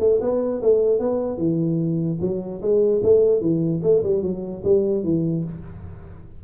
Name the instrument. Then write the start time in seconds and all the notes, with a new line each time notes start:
tuba
0.00 A3
0.21 B3
0.62 A3
1.00 B3
1.38 E3
2.21 F#3
2.62 G#3
3.04 A3
3.41 E3
3.83 A3
4.04 G3
4.23 F#3
4.65 G3
5.04 E3